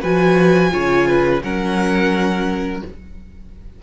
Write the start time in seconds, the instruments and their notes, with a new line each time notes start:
0.00 cello F3, viola F#4, violin B4 G#5
0.70 cello C#3, viola F4, violin C#5
1.07 violin B4
1.42 cello F#3, viola C#4, violin A#4 F#5